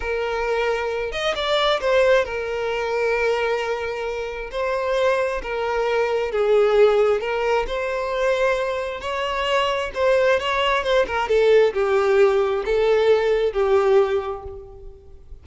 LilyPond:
\new Staff \with { instrumentName = "violin" } { \time 4/4 \tempo 4 = 133 ais'2~ ais'8 dis''8 d''4 | c''4 ais'2.~ | ais'2 c''2 | ais'2 gis'2 |
ais'4 c''2. | cis''2 c''4 cis''4 | c''8 ais'8 a'4 g'2 | a'2 g'2 | }